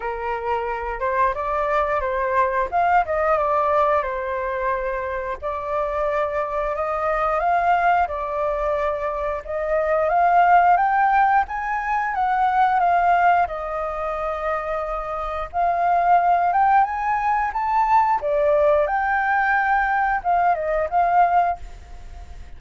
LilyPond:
\new Staff \with { instrumentName = "flute" } { \time 4/4 \tempo 4 = 89 ais'4. c''8 d''4 c''4 | f''8 dis''8 d''4 c''2 | d''2 dis''4 f''4 | d''2 dis''4 f''4 |
g''4 gis''4 fis''4 f''4 | dis''2. f''4~ | f''8 g''8 gis''4 a''4 d''4 | g''2 f''8 dis''8 f''4 | }